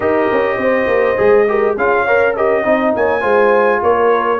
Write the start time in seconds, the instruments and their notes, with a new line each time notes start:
0.00 tuba D#4, trombone G4, horn A#4, trumpet D#5
0.32 tuba C#4
0.57 tuba C4, horn C5
0.87 tuba A#3
1.16 tuba G#3, trombone G#4
1.47 trombone G4, horn A#4
1.75 tuba C#4, trombone F4, horn G#4, trumpet F5
2.04 trombone A#4, horn C#5
2.35 trombone G4, horn A#4, trumpet D#5
2.63 tuba C4, trombone D#4, horn D#5
2.95 tuba A#3, horn C#5, trumpet G#5
3.21 tuba G#3, trombone F4, horn C5
3.82 tuba A#3, horn A#4, trumpet C#5